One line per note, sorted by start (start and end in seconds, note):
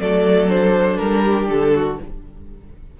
0.00 0.98 F#3
0.00 0.49 A3
0.00 1.24 A4
0.00 0.49 D5
0.49 1.97 D4
0.49 0.98 C5
0.98 1.50 G3
0.98 1.47 A#4
1.24 1.73 G4
1.49 1.99 D3
1.49 1.98 A4
1.75 2.00 F#4